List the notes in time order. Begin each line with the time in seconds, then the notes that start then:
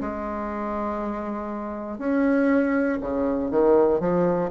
0.00 G#3
1.98 C#4
3.00 C#3
3.50 D#3
4.00 F3